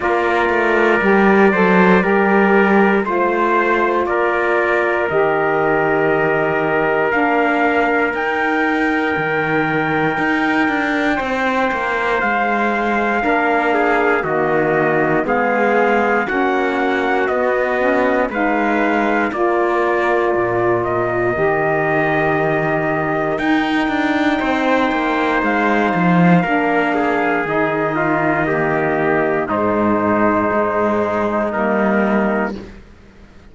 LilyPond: <<
  \new Staff \with { instrumentName = "trumpet" } { \time 4/4 \tempo 4 = 59 d''2. c''4 | d''4 dis''2 f''4 | g''1 | f''2 dis''4 f''4 |
fis''4 dis''4 f''4 d''4~ | d''8 dis''2~ dis''8 g''4~ | g''4 f''2 dis''4~ | dis''4 c''2 ais'4 | }
  \new Staff \with { instrumentName = "trumpet" } { \time 4/4 ais'4. c''8 ais'4 c''4 | ais'1~ | ais'2. c''4~ | c''4 ais'8 gis'8 fis'4 gis'4 |
fis'2 b'4 ais'4~ | ais'1 | c''2 ais'8 gis'4 f'8 | g'4 dis'2. | }
  \new Staff \with { instrumentName = "saxophone" } { \time 4/4 f'4 g'8 a'8 g'4 f'4~ | f'4 g'2 d'4 | dis'1~ | dis'4 d'4 ais4 b4 |
cis'4 b8 cis'8 dis'4 f'4~ | f'4 g'2 dis'4~ | dis'2 d'4 dis'4 | ais4 gis2 ais4 | }
  \new Staff \with { instrumentName = "cello" } { \time 4/4 ais8 a8 g8 fis8 g4 a4 | ais4 dis2 ais4 | dis'4 dis4 dis'8 d'8 c'8 ais8 | gis4 ais4 dis4 gis4 |
ais4 b4 gis4 ais4 | ais,4 dis2 dis'8 d'8 | c'8 ais8 gis8 f8 ais4 dis4~ | dis4 gis,4 gis4 g4 | }
>>